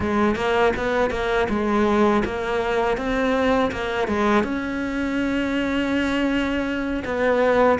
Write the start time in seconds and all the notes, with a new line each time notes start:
0.00 G#3
0.35 A#3
0.76 B3
1.10 A#3
1.48 G#3
2.24 A#3
2.97 C4
3.71 A#3
4.07 G#3
4.43 C#4
7.04 B3